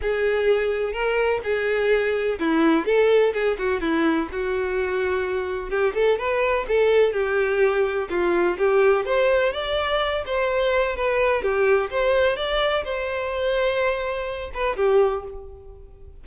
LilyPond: \new Staff \with { instrumentName = "violin" } { \time 4/4 \tempo 4 = 126 gis'2 ais'4 gis'4~ | gis'4 e'4 a'4 gis'8 fis'8 | e'4 fis'2. | g'8 a'8 b'4 a'4 g'4~ |
g'4 f'4 g'4 c''4 | d''4. c''4. b'4 | g'4 c''4 d''4 c''4~ | c''2~ c''8 b'8 g'4 | }